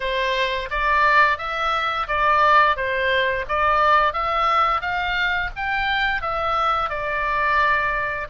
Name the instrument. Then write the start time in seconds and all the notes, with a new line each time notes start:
oboe
0.00 C5
0.70 D5
1.38 E5
2.07 D5
2.76 C5
3.48 D5
4.13 E5
4.81 F5
5.55 G5
6.21 E5
6.89 D5